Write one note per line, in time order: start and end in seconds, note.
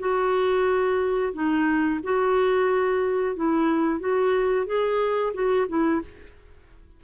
0.00 1.33 F#4
1.34 2.01 D#4
2.04 3.36 F#4
3.36 4.00 E4
4.00 4.67 F#4
4.67 5.33 G#4
5.34 5.68 F#4
5.69 6.02 E4